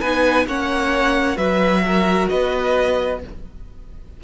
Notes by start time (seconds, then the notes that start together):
0.00 B3 D#4 B4 G#5
0.46 A#3 C#4 C#5 F#5
1.36 F#3 F#4 B4 E5
1.86 A#4
2.28 B3 B4 D#5